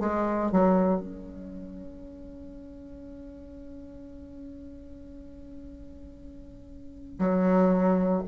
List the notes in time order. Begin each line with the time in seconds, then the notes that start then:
0.00 G#3
0.52 F#3
1.01 C#4
7.19 F#3